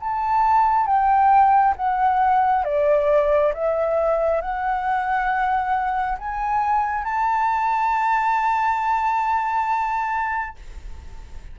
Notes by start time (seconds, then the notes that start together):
0.00 A5
0.86 G5
1.76 F#5
2.65 D5
3.54 E5
4.41 F#5
6.19 G#5
7.04 A5